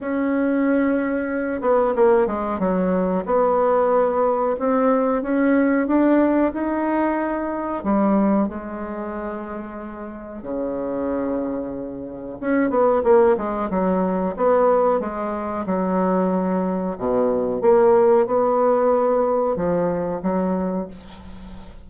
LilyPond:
\new Staff \with { instrumentName = "bassoon" } { \time 4/4 \tempo 4 = 92 cis'2~ cis'8 b8 ais8 gis8 | fis4 b2 c'4 | cis'4 d'4 dis'2 | g4 gis2. |
cis2. cis'8 b8 | ais8 gis8 fis4 b4 gis4 | fis2 b,4 ais4 | b2 f4 fis4 | }